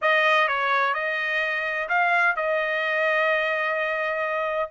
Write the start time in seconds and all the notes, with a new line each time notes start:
0.01 D#5
0.48 C#5
0.93 D#5
1.88 F5
2.36 D#5